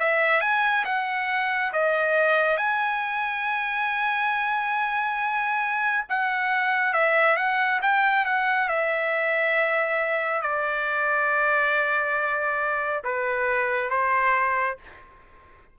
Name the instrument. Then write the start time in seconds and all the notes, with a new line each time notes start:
trumpet
0.00 E5
0.41 G#5
0.85 F#5
1.73 D#5
2.58 G#5
6.09 F#5
6.94 E5
7.37 F#5
7.83 G5
8.26 F#5
8.69 E5
10.42 D5
13.05 B4
13.91 C5